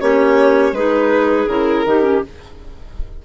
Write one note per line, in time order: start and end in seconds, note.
0.00 0.72 A#3
0.00 0.74 C#4
0.00 0.74 G4
0.00 0.74 C#5
0.72 1.46 G#3
0.72 1.48 D#4
0.72 1.85 G#4
0.72 1.48 B4
1.47 1.84 C#3
1.47 1.85 E4
1.47 2.22 A#4
1.85 2.22 D#3
1.85 2.02 D#4
1.85 2.25 G4
2.02 2.20 C#4